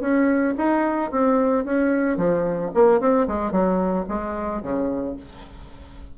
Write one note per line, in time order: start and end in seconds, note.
0.00 0.54 C#4
0.57 1.11 D#4
1.11 1.64 C4
1.64 2.17 C#4
2.17 2.71 F3
2.74 3.00 A#3
3.00 3.27 C4
3.27 3.51 G#3
3.51 4.05 F#3
4.08 4.62 G#3
4.62 5.16 C#3